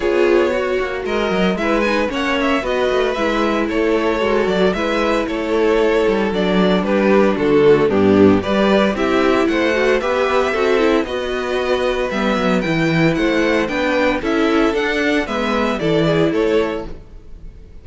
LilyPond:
<<
  \new Staff \with { instrumentName = "violin" } { \time 4/4 \tempo 4 = 114 cis''2 dis''4 e''8 gis''8 | fis''8 e''8 dis''4 e''4 cis''4~ | cis''8 d''8 e''4 cis''2 | d''4 b'4 a'4 g'4 |
d''4 e''4 fis''4 e''4~ | e''4 dis''2 e''4 | g''4 fis''4 g''4 e''4 | fis''4 e''4 d''4 cis''4 | }
  \new Staff \with { instrumentName = "violin" } { \time 4/4 gis'4 fis'4 ais'4 b'4 | cis''4 b'2 a'4~ | a'4 b'4 a'2~ | a'4 g'4 fis'4 d'4 |
b'4 g'4 c''4 b'4 | a'4 b'2.~ | b'4 c''4 b'4 a'4~ | a'4 b'4 a'8 gis'8 a'4 | }
  \new Staff \with { instrumentName = "viola" } { \time 4/4 f'4 fis'2 e'8 dis'8 | cis'4 fis'4 e'2 | fis'4 e'2. | d'2~ d'8 a8 b4 |
g'4 e'4. fis'8 g'4 | fis'8 e'8 fis'2 b4 | e'2 d'4 e'4 | d'4 b4 e'2 | }
  \new Staff \with { instrumentName = "cello" } { \time 4/4 b4. ais8 gis8 fis8 gis4 | ais4 b8 a8 gis4 a4 | gis8 fis8 gis4 a4. g8 | fis4 g4 d4 g,4 |
g4 c'4 a4 b4 | c'4 b2 g8 fis8 | e4 a4 b4 cis'4 | d'4 gis4 e4 a4 | }
>>